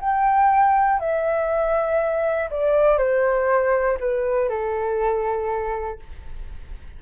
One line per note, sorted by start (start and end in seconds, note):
0.00 1.00 G5
1.00 2.50 E5
2.51 2.98 D5
2.98 3.98 C5
4.00 4.49 B4
4.49 5.99 A4